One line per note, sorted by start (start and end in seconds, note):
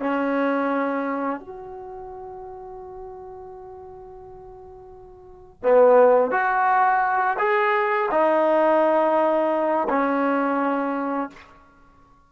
0.00 1.41 C#4
1.41 5.63 F#4
5.63 6.31 B3
6.31 7.37 F#4
7.39 8.10 G#4
8.11 9.88 D#4
9.89 11.30 C#4